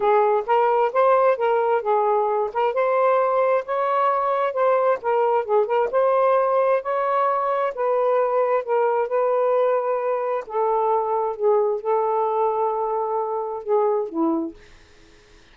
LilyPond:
\new Staff \with { instrumentName = "saxophone" } { \time 4/4 \tempo 4 = 132 gis'4 ais'4 c''4 ais'4 | gis'4. ais'8 c''2 | cis''2 c''4 ais'4 | gis'8 ais'8 c''2 cis''4~ |
cis''4 b'2 ais'4 | b'2. a'4~ | a'4 gis'4 a'2~ | a'2 gis'4 e'4 | }